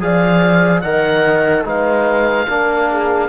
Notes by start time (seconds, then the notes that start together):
0.00 F3 G#4 D5 F5
0.81 D#3 A#4 D#5 F#5
1.65 G#3 D#4 B4 F5
2.48 A#3 D4 A#4
2.90 G#4